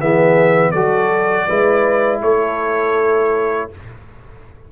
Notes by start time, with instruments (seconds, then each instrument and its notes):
0.00 tuba E3, trombone B3, horn G#4, trumpet E5
0.71 tuba F#3, trombone F#4, horn A4, trumpet D5
1.47 tuba G#3, trombone E4, horn B4
2.22 tuba A3, horn A4, trumpet C#5